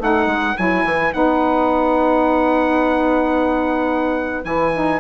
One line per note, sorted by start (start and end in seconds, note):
0.00 0.26 A3
0.00 0.56 D#4
0.00 5.00 B4
0.00 0.58 F#5
0.26 0.54 G#3
0.56 0.84 F#3
0.56 1.11 E4
0.56 1.13 G#5
0.84 1.12 E3
1.11 4.44 B3
1.11 4.44 D#4
1.11 4.45 F#5
4.44 5.00 E3
4.44 4.71 E4
4.44 5.00 G#5
4.74 5.00 D#4